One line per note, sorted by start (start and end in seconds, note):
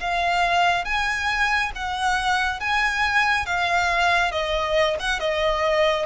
0.00 0.85 F5
0.85 1.72 G#5
1.75 2.60 F#5
2.60 3.46 G#5
3.46 4.32 F5
4.32 4.97 D#5
5.00 5.20 F#5
5.20 6.06 D#5